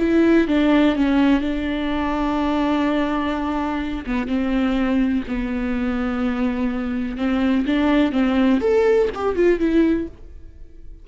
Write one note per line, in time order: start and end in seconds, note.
0.00 0.48 E4
0.48 0.96 D4
0.96 1.41 C#4
1.41 4.05 D4
4.06 4.28 B3
4.28 5.24 C4
5.28 7.18 B3
7.18 7.66 C4
7.67 8.13 D4
8.13 8.61 C4
8.61 9.09 A4
9.15 9.36 G4
9.36 9.60 F4
9.60 10.08 E4